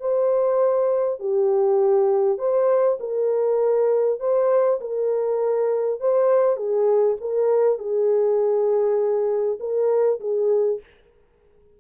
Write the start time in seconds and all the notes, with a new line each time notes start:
0.00 C5
1.19 G4
2.38 C5
3.00 A#4
4.20 C5
4.81 A#4
6.01 C5
6.56 G#4
7.21 A#4
7.79 G#4
9.60 A#4
10.20 G#4